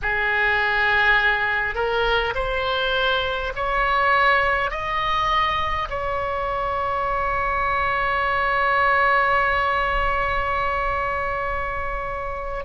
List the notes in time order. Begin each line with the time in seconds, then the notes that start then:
0.02 G#4
1.74 A#4
2.35 C5
3.56 C#5
4.71 D#5
5.89 C#5